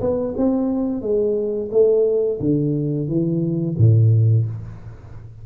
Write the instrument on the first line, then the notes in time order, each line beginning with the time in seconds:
tuba
0.00 B3
0.36 C4
1.01 G#3
1.71 A3
2.40 D3
3.07 E3
3.77 A2